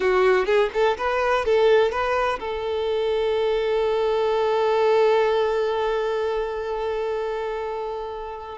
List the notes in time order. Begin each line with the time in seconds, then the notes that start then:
0.00 F#4
0.45 G#4
0.73 A4
0.97 B4
1.45 A4
1.91 B4
2.39 A4